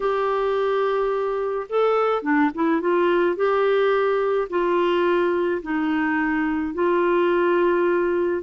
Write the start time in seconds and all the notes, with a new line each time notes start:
0.00 G4
1.69 A4
2.22 D4
2.54 E4
2.80 F4
3.35 G4
4.49 F4
5.62 D#4
6.74 F4